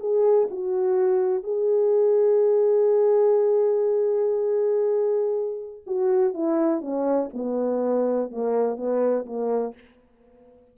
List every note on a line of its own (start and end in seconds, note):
0.00 0.49 G#4
0.51 1.43 F#4
1.43 5.82 G#4
5.87 6.34 F#4
6.34 6.81 E4
6.81 7.30 C#4
7.33 8.31 B3
8.31 8.77 A#3
8.77 9.26 B3
9.26 9.75 A#3